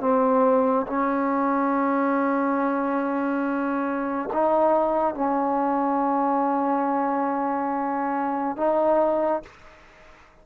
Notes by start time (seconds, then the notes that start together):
0.00 C4
0.86 C#4
4.33 D#4
5.15 C#4
8.56 D#4